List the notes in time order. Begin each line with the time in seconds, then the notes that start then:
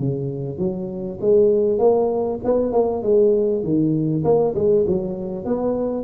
0.00 C#3
0.59 F#3
1.21 G#3
1.79 A#3
2.44 B3
2.72 A#3
3.03 G#3
3.64 D#3
4.25 A#3
4.56 G#3
4.88 F#3
5.45 B3